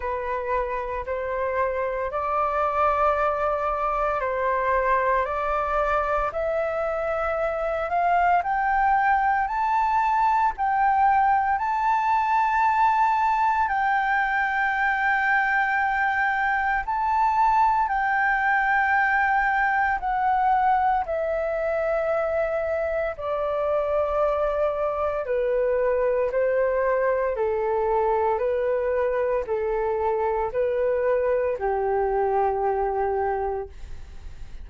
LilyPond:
\new Staff \with { instrumentName = "flute" } { \time 4/4 \tempo 4 = 57 b'4 c''4 d''2 | c''4 d''4 e''4. f''8 | g''4 a''4 g''4 a''4~ | a''4 g''2. |
a''4 g''2 fis''4 | e''2 d''2 | b'4 c''4 a'4 b'4 | a'4 b'4 g'2 | }